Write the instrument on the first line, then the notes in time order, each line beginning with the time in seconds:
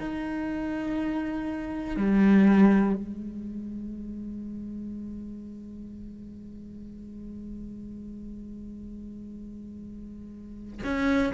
cello
0.00 D#4
1.97 G3
2.95 G#3
10.84 C#4